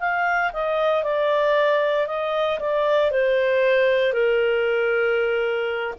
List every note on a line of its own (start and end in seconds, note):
0.00 0.52 F5
0.53 1.04 D#5
1.04 2.07 D5
2.07 2.59 D#5
2.60 3.11 D5
3.11 4.13 C5
4.13 5.94 A#4